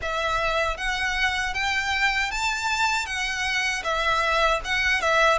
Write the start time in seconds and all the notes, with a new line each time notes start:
0.02 E5
0.77 F#5
1.54 G5
2.31 A5
3.06 F#5
3.83 E5
4.64 F#5
5.01 E5